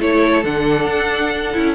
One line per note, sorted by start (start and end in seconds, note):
0.00 0.44 A3
0.00 0.44 E4
0.00 1.75 A4
0.00 0.44 C#5
0.44 0.86 D3
0.44 1.54 D4
0.44 1.75 F#5
0.86 1.53 D4
1.54 1.75 C#4
1.54 1.75 E4